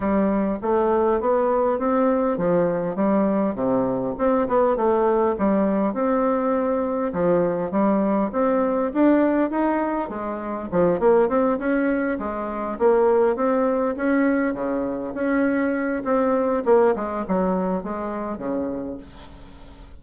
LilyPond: \new Staff \with { instrumentName = "bassoon" } { \time 4/4 \tempo 4 = 101 g4 a4 b4 c'4 | f4 g4 c4 c'8 b8 | a4 g4 c'2 | f4 g4 c'4 d'4 |
dis'4 gis4 f8 ais8 c'8 cis'8~ | cis'8 gis4 ais4 c'4 cis'8~ | cis'8 cis4 cis'4. c'4 | ais8 gis8 fis4 gis4 cis4 | }